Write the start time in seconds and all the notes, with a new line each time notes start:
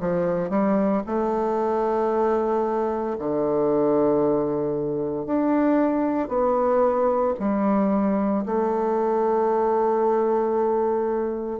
0.00 F3
0.50 G3
1.06 A3
3.19 D3
5.26 D4
6.29 B3
7.39 G3
8.45 A3